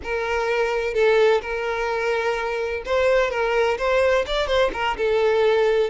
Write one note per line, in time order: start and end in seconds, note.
0.03 0.94 A#4
0.94 1.41 A4
1.41 2.83 A#4
2.85 3.30 C5
3.30 3.77 A#4
3.78 4.25 C5
4.26 4.47 D5
4.47 4.71 C5
4.73 4.96 A#4
4.97 5.90 A4